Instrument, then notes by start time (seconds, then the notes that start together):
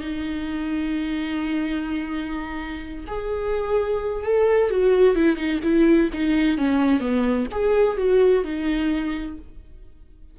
viola
0.00 D#4
3.07 G#4
4.24 A4
4.70 F#4
5.15 E4
5.36 D#4
5.63 E4
6.13 D#4
6.57 C#4
7.00 B3
7.51 G#4
7.97 F#4
8.44 D#4